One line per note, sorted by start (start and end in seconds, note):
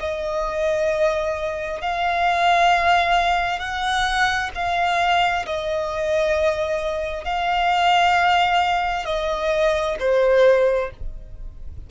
0.00 1.81 D#5
1.81 3.60 F5
3.60 4.50 F#5
4.55 5.46 F5
5.46 7.24 D#5
7.24 9.05 F5
9.05 9.96 D#5
10.00 10.90 C5